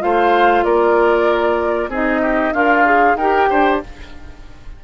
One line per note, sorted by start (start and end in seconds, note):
0.00 0.65 A3
0.00 1.89 F4
0.00 0.65 C5
0.00 0.64 F5
0.64 1.89 A#3
0.64 1.90 A#4
0.64 1.90 D5
1.89 2.52 C4
1.89 2.55 D#4
1.89 2.22 G#4
1.89 2.53 D#5
2.22 2.53 G4
2.53 3.16 D4
2.53 3.17 F4
2.53 2.86 A#4
2.53 3.16 F5
2.86 3.17 G#4
3.16 3.47 D#4
3.16 3.84 G4
3.16 3.49 A#4
3.16 3.80 G5
3.50 3.83 D4
3.50 3.82 C5